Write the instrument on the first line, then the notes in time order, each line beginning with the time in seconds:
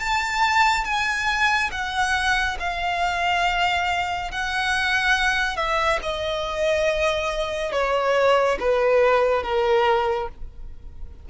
violin
0.00 A5
0.85 G#5
1.72 F#5
2.60 F5
4.32 F#5
5.56 E5
6.03 D#5
7.72 C#5
8.60 B4
9.43 A#4